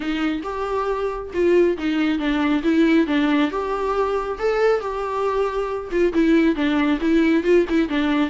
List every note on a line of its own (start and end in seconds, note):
0.00 0.42 D#4
0.43 1.31 G4
1.33 1.77 F4
1.77 2.18 D#4
2.18 2.62 D4
2.63 3.07 E4
3.07 3.50 D4
3.50 4.38 G4
4.38 4.80 A4
4.80 5.90 G4
5.91 6.13 F4
6.13 6.55 E4
6.55 6.99 D4
7.01 7.43 E4
7.43 7.65 F4
7.69 7.88 E4
7.88 8.30 D4